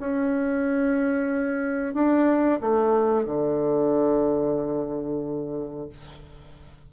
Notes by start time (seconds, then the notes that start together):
0.00 C#4
1.94 D4
2.60 A3
3.25 D3